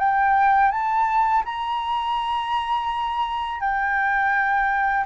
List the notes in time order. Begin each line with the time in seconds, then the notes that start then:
0.00 G5
0.72 A5
1.45 A#5
3.60 G5